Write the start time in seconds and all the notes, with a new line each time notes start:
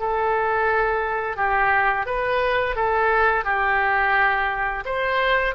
0.00 A4
1.37 G4
2.07 B4
2.76 A4
3.45 G4
4.86 C5